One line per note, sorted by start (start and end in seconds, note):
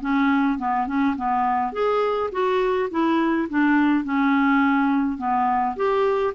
0.00 0.58 C#4
0.58 0.87 B3
0.87 1.15 C#4
1.16 1.72 B3
1.72 2.30 G#4
2.32 2.89 F#4
2.90 3.48 E4
3.49 4.04 D4
4.04 5.18 C#4
5.18 5.75 B3
5.76 6.34 G4